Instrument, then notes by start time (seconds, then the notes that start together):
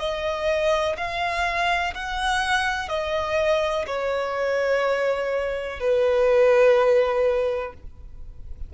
violin
0.00 D#5
0.97 F5
1.95 F#5
2.89 D#5
3.87 C#5
5.80 B4